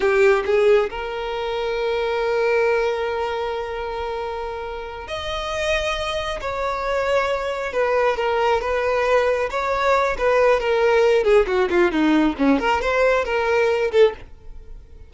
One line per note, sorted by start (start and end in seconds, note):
0.00 0.43 G4
0.45 0.89 G#4
0.89 5.07 A#4
5.07 6.40 D#5
6.41 7.72 C#5
7.72 8.17 B4
8.17 8.61 A#4
8.61 9.49 B4
9.50 10.16 C#5
10.18 10.60 B4
10.60 11.24 A#4
11.24 11.46 G#4
11.46 11.69 F#4
11.70 11.91 F4
11.91 12.35 D#4
12.38 12.59 C#4
12.59 12.81 A#4
12.81 13.25 C5
13.25 13.91 A#4
13.91 14.13 A4